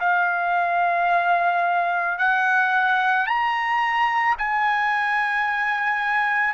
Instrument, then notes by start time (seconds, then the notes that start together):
trumpet
0.00 F5
2.18 F#5
3.27 A#5
4.38 G#5